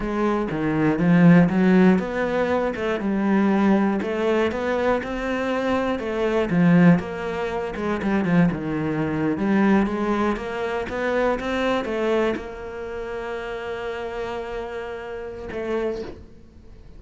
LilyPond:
\new Staff \with { instrumentName = "cello" } { \time 4/4 \tempo 4 = 120 gis4 dis4 f4 fis4 | b4. a8 g2 | a4 b4 c'2 | a4 f4 ais4. gis8 |
g8 f8 dis4.~ dis16 g4 gis16~ | gis8. ais4 b4 c'4 a16~ | a8. ais2.~ ais16~ | ais2. a4 | }